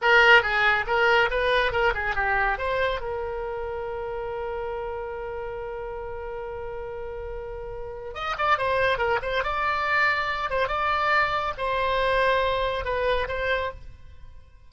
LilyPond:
\new Staff \with { instrumentName = "oboe" } { \time 4/4 \tempo 4 = 140 ais'4 gis'4 ais'4 b'4 | ais'8 gis'8 g'4 c''4 ais'4~ | ais'1~ | ais'1~ |
ais'2. dis''8 d''8 | c''4 ais'8 c''8 d''2~ | d''8 c''8 d''2 c''4~ | c''2 b'4 c''4 | }